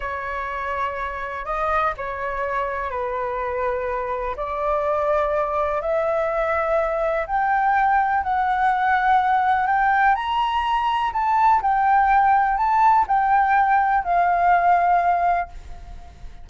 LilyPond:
\new Staff \with { instrumentName = "flute" } { \time 4/4 \tempo 4 = 124 cis''2. dis''4 | cis''2 b'2~ | b'4 d''2. | e''2. g''4~ |
g''4 fis''2. | g''4 ais''2 a''4 | g''2 a''4 g''4~ | g''4 f''2. | }